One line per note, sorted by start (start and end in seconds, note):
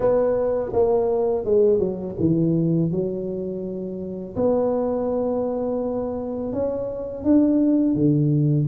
0.00 0.72 B3
0.72 1.45 A#3
1.45 1.79 G#3
1.79 2.15 F#3
2.19 2.91 E3
2.91 4.35 F#3
4.35 6.52 B3
6.52 7.24 C#4
7.24 7.95 D4
7.95 8.67 D3